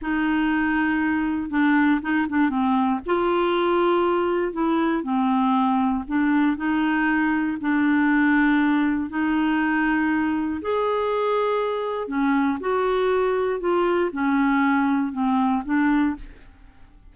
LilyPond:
\new Staff \with { instrumentName = "clarinet" } { \time 4/4 \tempo 4 = 119 dis'2. d'4 | dis'8 d'8 c'4 f'2~ | f'4 e'4 c'2 | d'4 dis'2 d'4~ |
d'2 dis'2~ | dis'4 gis'2. | cis'4 fis'2 f'4 | cis'2 c'4 d'4 | }